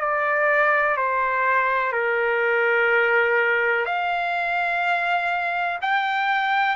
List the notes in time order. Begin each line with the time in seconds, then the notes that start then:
0.00 D5
0.97 C5
1.93 A#4
3.86 F5
5.82 G5